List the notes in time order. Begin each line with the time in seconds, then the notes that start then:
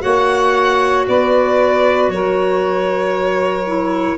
0.00 A#3 F#4 C#5 F#5
1.08 B3 B4 D5
2.08 F#3 A#4 C#5
3.67 E4